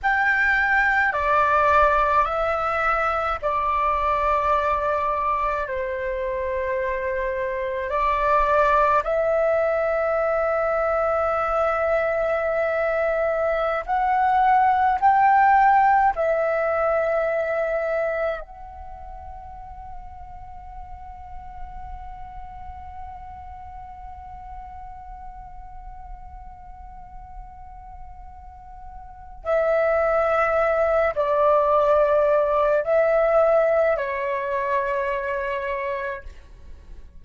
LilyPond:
\new Staff \with { instrumentName = "flute" } { \time 4/4 \tempo 4 = 53 g''4 d''4 e''4 d''4~ | d''4 c''2 d''4 | e''1~ | e''16 fis''4 g''4 e''4.~ e''16~ |
e''16 fis''2.~ fis''8.~ | fis''1~ | fis''2 e''4. d''8~ | d''4 e''4 cis''2 | }